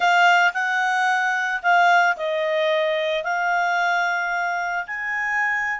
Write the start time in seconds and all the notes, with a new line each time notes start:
0.00 F5
0.53 F#5
1.62 F5
2.16 D#5
3.23 F5
4.86 G#5